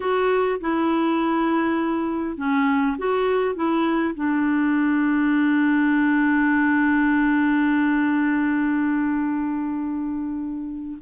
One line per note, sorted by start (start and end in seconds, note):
0.00 0.59 F#4
0.60 2.37 E4
2.37 2.96 C#4
2.98 3.55 F#4
3.55 4.14 E4
4.14 10.97 D4